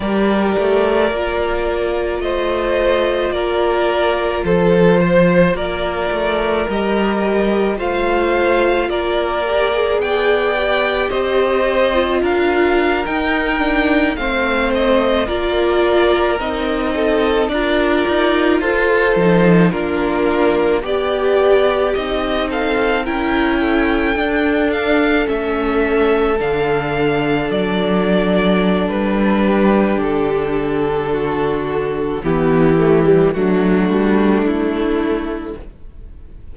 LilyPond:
<<
  \new Staff \with { instrumentName = "violin" } { \time 4/4 \tempo 4 = 54 d''2 dis''4 d''4 | c''4 d''4 dis''4 f''4 | d''4 g''4 dis''4 f''8. g''16~ | g''8. f''8 dis''8 d''4 dis''4 d''16~ |
d''8. c''4 ais'4 d''4 dis''16~ | dis''16 f''8 g''4. f''8 e''4 f''16~ | f''8. d''4~ d''16 b'4 a'4~ | a'4 g'4 fis'4 e'4 | }
  \new Staff \with { instrumentName = "violin" } { \time 4/4 ais'2 c''4 ais'4 | a'8 c''8 ais'2 c''4 | ais'4 d''4 c''4 ais'4~ | ais'8. c''4 ais'4. a'8 ais'16~ |
ais'8. a'4 f'4 g'4~ g'16~ | g'16 a'8 ais'8 a'2~ a'8.~ | a'2~ a'8 g'4. | fis'4 e'4 d'2 | }
  \new Staff \with { instrumentName = "viola" } { \time 4/4 g'4 f'2.~ | f'2 g'4 f'4~ | f'8 g'16 gis'8. g'4~ g'16 f'4 dis'16~ | dis'16 d'8 c'4 f'4 dis'4 f'16~ |
f'4~ f'16 dis'8 d'4 g'4 dis'16~ | dis'8. e'4 d'4 cis'4 d'16~ | d'1~ | d'4 b8 a16 g16 a2 | }
  \new Staff \with { instrumentName = "cello" } { \time 4/4 g8 a8 ais4 a4 ais4 | f4 ais8 a8 g4 a4 | ais4 b4 c'4 d'8. dis'16~ | dis'8. a4 ais4 c'4 d'16~ |
d'16 dis'8 f'8 f8 ais4 b4 c'16~ | c'8. cis'4 d'4 a4 d16~ | d8. fis4~ fis16 g4 d4~ | d4 e4 fis8 g8 a4 | }
>>